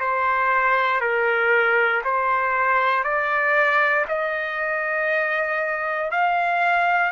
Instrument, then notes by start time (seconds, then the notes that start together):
trumpet
0.00 C5
1.01 A#4
2.04 C5
3.04 D5
4.09 D#5
6.11 F5